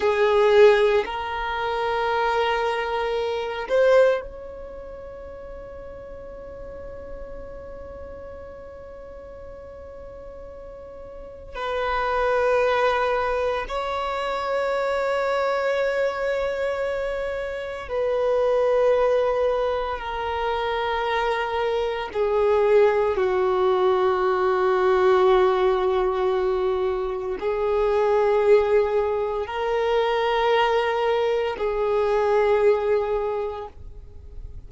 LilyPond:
\new Staff \with { instrumentName = "violin" } { \time 4/4 \tempo 4 = 57 gis'4 ais'2~ ais'8 c''8 | cis''1~ | cis''2. b'4~ | b'4 cis''2.~ |
cis''4 b'2 ais'4~ | ais'4 gis'4 fis'2~ | fis'2 gis'2 | ais'2 gis'2 | }